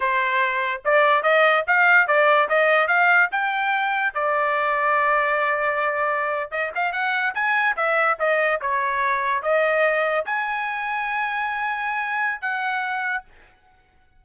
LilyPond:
\new Staff \with { instrumentName = "trumpet" } { \time 4/4 \tempo 4 = 145 c''2 d''4 dis''4 | f''4 d''4 dis''4 f''4 | g''2 d''2~ | d''2.~ d''8. dis''16~ |
dis''16 f''8 fis''4 gis''4 e''4 dis''16~ | dis''8. cis''2 dis''4~ dis''16~ | dis''8. gis''2.~ gis''16~ | gis''2 fis''2 | }